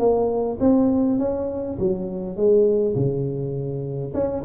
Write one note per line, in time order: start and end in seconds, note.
0.00 0.59 A#3
0.61 1.19 C4
1.19 1.78 C#4
1.79 2.37 F#3
2.37 2.96 G#3
2.96 4.14 C#3
4.14 4.44 C#4